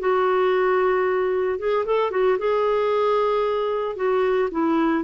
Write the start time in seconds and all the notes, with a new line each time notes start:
0.00 F#4
1.59 G#4
1.86 A4
2.11 F#4
2.39 G#4
3.97 F#4
4.52 E4